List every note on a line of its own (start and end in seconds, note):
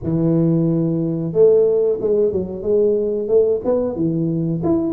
0.03 1.32 E3
1.32 1.98 A3
2.00 2.32 G#3
2.32 2.62 F#3
2.62 3.28 G#3
3.28 3.61 A3
3.64 3.95 B3
3.95 4.61 E3
4.63 4.93 E4